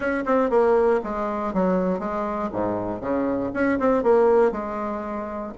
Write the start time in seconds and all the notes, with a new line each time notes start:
0.00 C#4
0.25 C4
0.50 A#3
1.03 G#3
1.53 F#3
1.99 G#3
2.52 G#2
3.00 C#3
3.53 C#4
3.79 C4
4.03 A#3
4.51 G#3